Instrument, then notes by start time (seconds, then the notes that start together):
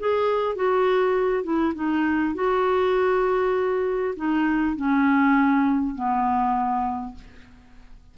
clarinet
0.00 G#4
0.56 F#4
1.44 E4
1.75 D#4
2.35 F#4
4.16 D#4
4.77 C#4
5.96 B3